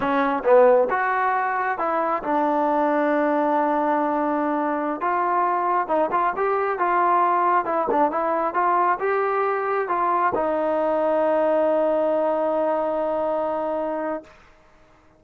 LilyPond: \new Staff \with { instrumentName = "trombone" } { \time 4/4 \tempo 4 = 135 cis'4 b4 fis'2 | e'4 d'2.~ | d'2.~ d'16 f'8.~ | f'4~ f'16 dis'8 f'8 g'4 f'8.~ |
f'4~ f'16 e'8 d'8 e'4 f'8.~ | f'16 g'2 f'4 dis'8.~ | dis'1~ | dis'1 | }